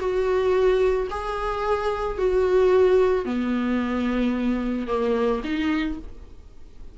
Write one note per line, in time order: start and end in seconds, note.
0.00 1.08 F#4
1.11 2.18 G#4
2.18 3.26 F#4
3.26 4.88 B3
4.88 5.42 A#3
5.44 5.98 D#4